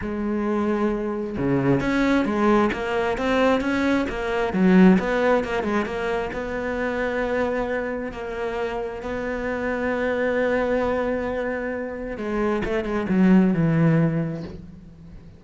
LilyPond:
\new Staff \with { instrumentName = "cello" } { \time 4/4 \tempo 4 = 133 gis2. cis4 | cis'4 gis4 ais4 c'4 | cis'4 ais4 fis4 b4 | ais8 gis8 ais4 b2~ |
b2 ais2 | b1~ | b2. gis4 | a8 gis8 fis4 e2 | }